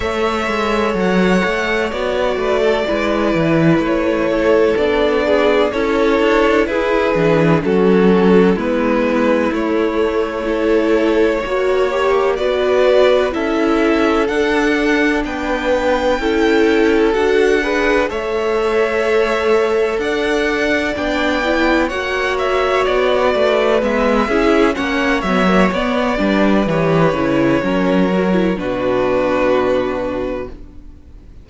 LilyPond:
<<
  \new Staff \with { instrumentName = "violin" } { \time 4/4 \tempo 4 = 63 e''4 fis''4 d''2 | cis''4 d''4 cis''4 b'4 | a'4 b'4 cis''2~ | cis''4 d''4 e''4 fis''4 |
g''2 fis''4 e''4~ | e''4 fis''4 g''4 fis''8 e''8 | d''4 e''4 fis''8 e''8 d''4 | cis''2 b'2 | }
  \new Staff \with { instrumentName = "violin" } { \time 4/4 cis''2~ cis''8 b'16 a'16 b'4~ | b'8 a'4 gis'8 a'4 gis'4 | fis'4 e'2 a'4 | cis''4 b'4 a'2 |
b'4 a'4. b'8 cis''4~ | cis''4 d''2 cis''4~ | cis''8 b'4 gis'8 cis''4. b'8~ | b'4 ais'4 fis'2 | }
  \new Staff \with { instrumentName = "viola" } { \time 4/4 a'2 fis'4 e'4~ | e'4 d'4 e'4. d'8 | cis'4 b4 a4 e'4 | fis'8 g'8 fis'4 e'4 d'4~ |
d'4 e'4 fis'8 gis'8 a'4~ | a'2 d'8 e'8 fis'4~ | fis'4 b8 e'8 cis'8 b16 ais16 b8 d'8 | g'8 e'8 cis'8 fis'16 e'16 d'2 | }
  \new Staff \with { instrumentName = "cello" } { \time 4/4 a8 gis8 fis8 a8 b8 a8 gis8 e8 | a4 b4 cis'8 d'8 e'8 e8 | fis4 gis4 a2 | ais4 b4 cis'4 d'4 |
b4 cis'4 d'4 a4~ | a4 d'4 b4 ais4 | b8 a8 gis8 cis'8 ais8 fis8 b8 g8 | e8 cis8 fis4 b,2 | }
>>